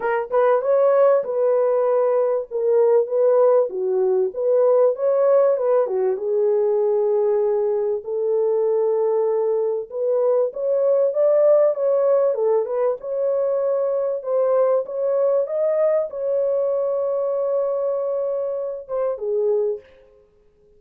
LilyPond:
\new Staff \with { instrumentName = "horn" } { \time 4/4 \tempo 4 = 97 ais'8 b'8 cis''4 b'2 | ais'4 b'4 fis'4 b'4 | cis''4 b'8 fis'8 gis'2~ | gis'4 a'2. |
b'4 cis''4 d''4 cis''4 | a'8 b'8 cis''2 c''4 | cis''4 dis''4 cis''2~ | cis''2~ cis''8 c''8 gis'4 | }